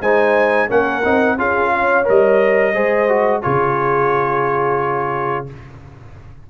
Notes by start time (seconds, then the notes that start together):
0.00 G#3 D#4 C5 G#5
0.68 A#3 C#4 A#4 F#5
1.04 C4 D#4
1.37 C#4 F4 G#4 F5
1.72 C#5
2.04 G3 A#4 D#5
2.73 G#3 G#4 C5
3.08 F#4
3.41 C#3 F4 G#4 C#5